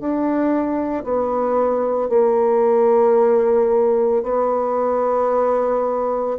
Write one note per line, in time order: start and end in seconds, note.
0.00 1.04 D4
1.04 2.08 B3
2.08 4.23 A#3
4.23 6.37 B3